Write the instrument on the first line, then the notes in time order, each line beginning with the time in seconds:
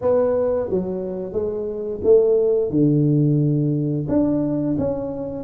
tuba
0.01 B3
0.69 F#3
1.32 G#3
2.03 A3
2.70 D3
4.08 D4
4.78 C#4